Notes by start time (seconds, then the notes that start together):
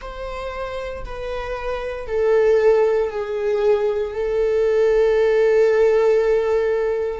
0.00 C5
1.04 B4
2.07 A4
3.10 G#4
4.13 A4